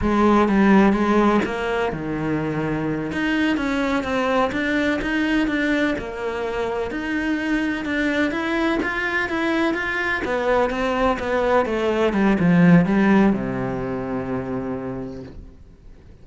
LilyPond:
\new Staff \with { instrumentName = "cello" } { \time 4/4 \tempo 4 = 126 gis4 g4 gis4 ais4 | dis2~ dis8 dis'4 cis'8~ | cis'8 c'4 d'4 dis'4 d'8~ | d'8 ais2 dis'4.~ |
dis'8 d'4 e'4 f'4 e'8~ | e'8 f'4 b4 c'4 b8~ | b8 a4 g8 f4 g4 | c1 | }